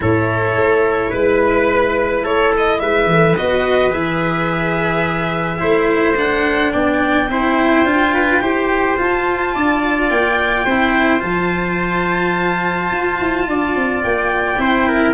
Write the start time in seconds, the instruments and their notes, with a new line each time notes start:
0.00 tuba A2, cello E4, trumpet A4, violin C#5
0.55 tuba A3
1.10 tuba G#3, trumpet B4, violin B4
2.22 tuba A3, trumpet A4, violin C#5
2.57 violin D#5
2.79 tuba G#3, trumpet B4, violin E5
3.06 cello E3, tuba A3
3.36 tuba B3, cello F#4, violin D#5
3.91 tuba E3, cello G#4, violin E5
5.58 tuba A3, cello E4, trumpet C5
6.16 cello D4, violin F#5
6.72 tuba B3, trumpet D5, violin G5
7.29 tuba C4, cello E4, trumpet C5
7.84 tuba D4, cello F4
8.14 trumpet B4
8.40 tuba E4, cello G4, trumpet C5
8.97 cello F4, tuba F4, violin A5
9.54 tuba D4, trumpet D5
10.09 tuba A#3, violin G5
10.65 tuba C4, cello E4, trumpet C5
11.18 tuba F3, cello F4, violin A5
12.91 tuba F4
13.19 tuba E4
13.47 tuba D4, trumpet D5
13.75 tuba C4
14.02 tuba A#3, violin G5
14.58 tuba C4, cello E4, trumpet C5
14.87 trumpet A#4